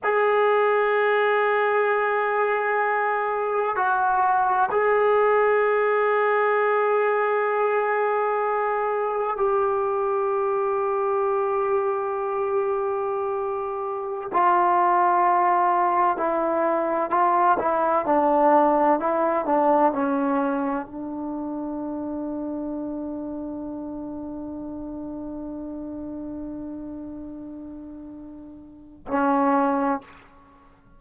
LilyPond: \new Staff \with { instrumentName = "trombone" } { \time 4/4 \tempo 4 = 64 gis'1 | fis'4 gis'2.~ | gis'2 g'2~ | g'2.~ g'16 f'8.~ |
f'4~ f'16 e'4 f'8 e'8 d'8.~ | d'16 e'8 d'8 cis'4 d'4.~ d'16~ | d'1~ | d'2. cis'4 | }